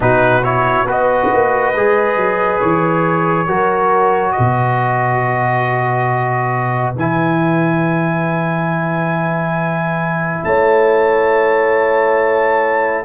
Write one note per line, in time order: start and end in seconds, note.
0.00 0.84 B2
0.00 0.42 D#4
0.00 0.85 F#4
0.00 0.43 B4
0.43 0.87 E4
0.43 0.87 C#5
0.84 1.27 B3
0.84 1.74 F#4
0.84 3.46 B4
0.90 2.60 D#5
1.32 1.74 A#3
1.74 2.16 G#3
1.74 3.47 G#4
2.16 2.60 F#3
2.60 3.48 E3
2.60 4.32 C#5
3.47 4.35 F#3
3.47 6.95 F#4
3.47 4.33 A#4
4.32 10.42 B4
4.32 6.93 D#5
4.39 6.95 B2
6.95 10.43 E3
6.95 13.05 E4
6.95 10.43 G#5
10.43 13.05 A3
10.43 13.05 C#5
10.43 13.04 A5